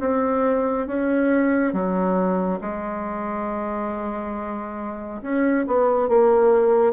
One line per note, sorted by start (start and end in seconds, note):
0.00 0.87 C4
0.87 1.73 C#4
1.73 2.60 F#3
2.61 5.22 G#3
5.22 5.66 C#4
5.67 6.09 B3
6.09 6.93 A#3